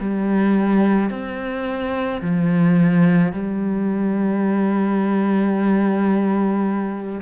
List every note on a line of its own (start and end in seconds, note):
0.00 1.11 G3
1.11 2.22 C4
2.22 3.33 F3
3.33 7.22 G3